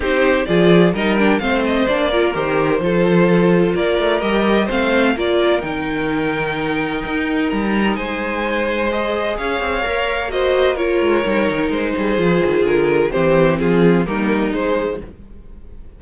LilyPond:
<<
  \new Staff \with { instrumentName = "violin" } { \time 4/4 \tempo 4 = 128 c''4 d''4 dis''8 g''8 f''8 dis''8 | d''4 c''2. | d''4 dis''4 f''4 d''4 | g''1 |
ais''4 gis''2 dis''4 | f''2 dis''4 cis''4~ | cis''4 c''2 ais'4 | c''4 gis'4 ais'4 c''4 | }
  \new Staff \with { instrumentName = "violin" } { \time 4/4 g'4 gis'4 ais'4 c''4~ | c''8 ais'4. a'2 | ais'2 c''4 ais'4~ | ais'1~ |
ais'4 c''2. | cis''2 c''4 ais'4~ | ais'4. gis'2~ gis'8 | g'4 f'4 dis'2 | }
  \new Staff \with { instrumentName = "viola" } { \time 4/4 dis'4 f'4 dis'8 d'8 c'4 | d'8 f'8 g'4 f'2~ | f'4 g'4 c'4 f'4 | dis'1~ |
dis'2. gis'4~ | gis'4 ais'4 fis'4 f'4 | dis'2 f'2 | c'2 ais4 gis4 | }
  \new Staff \with { instrumentName = "cello" } { \time 4/4 c'4 f4 g4 a4 | ais4 dis4 f2 | ais8 a8 g4 a4 ais4 | dis2. dis'4 |
g4 gis2. | cis'8 c'8 ais2~ ais8 gis8 | g8 dis8 gis8 g8 f8 dis8 d4 | e4 f4 g4 gis4 | }
>>